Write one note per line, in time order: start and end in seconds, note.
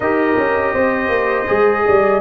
0.00 0.37 D#4
0.00 1.46 G4
0.00 0.73 A#4
0.00 2.20 D#5
0.37 0.74 C#4
0.73 1.08 C4
0.73 1.84 C5
1.08 1.45 A#3
1.46 1.86 G#3
1.46 2.20 G#4
1.86 2.20 G3
1.86 2.20 D5